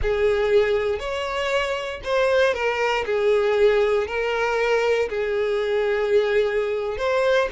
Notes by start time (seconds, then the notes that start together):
0.02 G#4
0.99 C#5
2.03 C5
2.54 A#4
3.05 G#4
4.07 A#4
5.09 G#4
6.97 C5